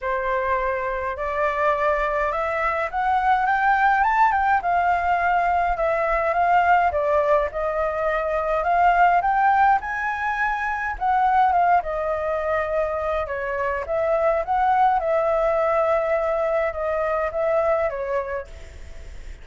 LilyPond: \new Staff \with { instrumentName = "flute" } { \time 4/4 \tempo 4 = 104 c''2 d''2 | e''4 fis''4 g''4 a''8 g''8 | f''2 e''4 f''4 | d''4 dis''2 f''4 |
g''4 gis''2 fis''4 | f''8 dis''2~ dis''8 cis''4 | e''4 fis''4 e''2~ | e''4 dis''4 e''4 cis''4 | }